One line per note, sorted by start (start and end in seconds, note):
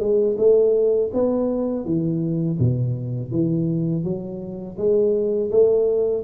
0.00 0.37 G#3
0.38 1.11 A3
1.14 1.85 B3
1.85 2.58 E3
2.59 3.31 B2
3.31 4.04 E3
4.04 4.77 F#3
4.78 5.51 G#3
5.51 6.24 A3